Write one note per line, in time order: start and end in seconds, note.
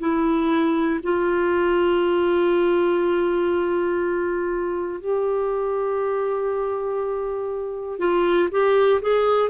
0.00 1.00 E4
1.03 5.00 F4
5.00 7.99 G4
7.99 8.49 F4
8.51 9.01 G4
9.01 9.50 G#4